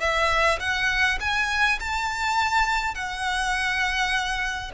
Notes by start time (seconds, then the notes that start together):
0.00 E5
0.59 F#5
1.20 G#5
1.80 A5
2.95 F#5